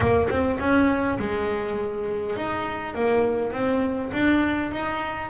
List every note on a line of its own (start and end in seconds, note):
0.00 0.28 A#3
0.29 0.59 C4
0.59 1.18 C#4
1.18 2.36 G#3
2.36 2.94 D#4
2.94 3.52 A#3
3.52 4.11 C4
4.12 4.71 D4
4.71 5.30 D#4